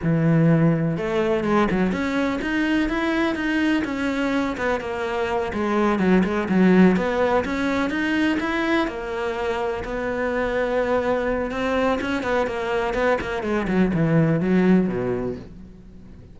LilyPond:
\new Staff \with { instrumentName = "cello" } { \time 4/4 \tempo 4 = 125 e2 a4 gis8 fis8 | cis'4 dis'4 e'4 dis'4 | cis'4. b8 ais4. gis8~ | gis8 fis8 gis8 fis4 b4 cis'8~ |
cis'8 dis'4 e'4 ais4.~ | ais8 b2.~ b8 | c'4 cis'8 b8 ais4 b8 ais8 | gis8 fis8 e4 fis4 b,4 | }